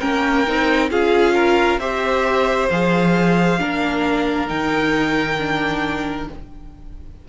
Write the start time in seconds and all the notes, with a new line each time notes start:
0.00 A#3 C#4 A#4 G5
0.47 C4 D#4
0.90 C#4 F4 G#4 F5
1.35 A#4
1.78 C4 G4 C5 E5
2.70 F3 G#4 F5
3.59 A#3 D4 A#4
4.47 D#3 D#4 G5
5.39 D4